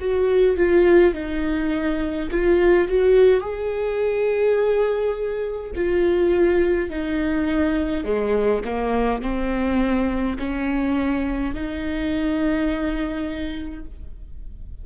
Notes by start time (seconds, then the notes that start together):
0.00 F#4
0.57 F4
1.14 D#4
2.31 F4
2.88 F#4
3.41 G#4
5.76 F4
6.90 D#4
8.05 G#3
8.65 A#3
9.23 C4
10.39 C#4
11.54 D#4